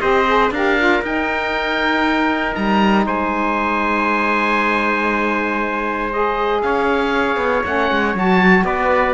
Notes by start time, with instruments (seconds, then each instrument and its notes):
0.00 cello C4, saxophone G4, trumpet C5, oboe D#5
0.26 saxophone G#4
0.50 cello D4, saxophone G4, trumpet A#4, oboe F5
0.78 saxophone F4
1.02 cello D#4, saxophone D#4, oboe G5
2.55 cello G3, oboe A#5
3.06 cello G#3, trumpet C5, oboe G#5
6.12 saxophone G#4, oboe D#5
6.62 cello C#4, trumpet C#5, oboe F5
7.36 cello B3
7.64 cello A3, saxophone C#4, oboe F#5
7.91 cello G#3
8.15 cello F#3, saxophone F#4, oboe A5
8.64 cello B3, trumpet B4, oboe D5